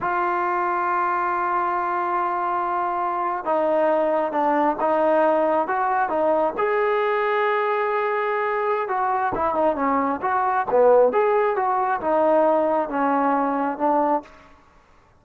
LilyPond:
\new Staff \with { instrumentName = "trombone" } { \time 4/4 \tempo 4 = 135 f'1~ | f'2.~ f'8. dis'16~ | dis'4.~ dis'16 d'4 dis'4~ dis'16~ | dis'8. fis'4 dis'4 gis'4~ gis'16~ |
gis'1 | fis'4 e'8 dis'8 cis'4 fis'4 | b4 gis'4 fis'4 dis'4~ | dis'4 cis'2 d'4 | }